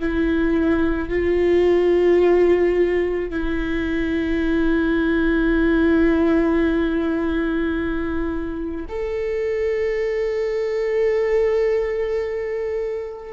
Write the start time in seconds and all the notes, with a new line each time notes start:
0.00 E4
1.10 F4
3.31 E4
8.89 A4